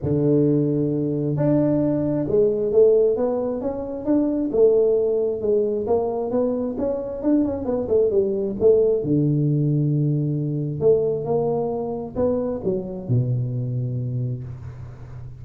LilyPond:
\new Staff \with { instrumentName = "tuba" } { \time 4/4 \tempo 4 = 133 d2. d'4~ | d'4 gis4 a4 b4 | cis'4 d'4 a2 | gis4 ais4 b4 cis'4 |
d'8 cis'8 b8 a8 g4 a4 | d1 | a4 ais2 b4 | fis4 b,2. | }